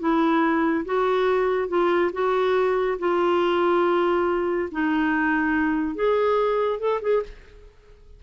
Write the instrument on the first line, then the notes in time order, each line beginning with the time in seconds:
clarinet
0.00 E4
0.86 F#4
1.69 F4
2.14 F#4
2.99 F4
4.72 D#4
5.96 G#4
6.80 A4
7.02 G#4